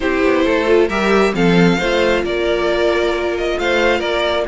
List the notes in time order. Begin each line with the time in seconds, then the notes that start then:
0.00 C4 E4 G4 C5
0.23 B3
0.45 A3 A4
0.66 F4
0.87 G3 G4 A#4 E5
1.33 F3 C4 A4 F5
1.78 A3 F4 C5
2.23 A#3 A#4 D5
3.37 D#5
3.58 A3 C5 F5
3.99 A#3 A#4 D5